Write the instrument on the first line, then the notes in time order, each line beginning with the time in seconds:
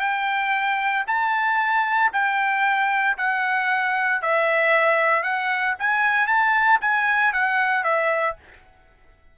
trumpet
0.00 G5
1.07 A5
2.12 G5
3.17 F#5
4.21 E5
5.22 F#5
5.79 G#5
6.27 A5
6.81 G#5
7.33 F#5
7.84 E5